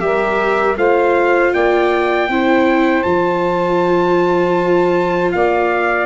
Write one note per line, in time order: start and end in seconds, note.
0.00 0.77 G3
0.00 0.76 G4
0.00 0.78 A#4
0.00 0.76 E5
0.77 1.53 A3
0.77 2.29 F4
0.77 1.53 C5
0.77 1.54 F5
1.53 2.29 A#3
1.53 2.29 D5
1.53 3.03 G5
2.29 3.05 C4
2.29 3.05 E4
2.29 5.34 C5
3.03 5.33 F3
3.03 6.07 F4
3.03 5.31 A5
5.32 6.07 A#3
5.32 6.07 D5
5.32 6.07 F5